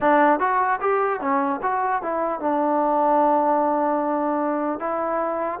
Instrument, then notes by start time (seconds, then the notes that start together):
trombone
0.00 D4
0.39 F#4
0.80 G4
1.20 C#4
1.62 F#4
2.02 E4
2.40 D4
4.79 E4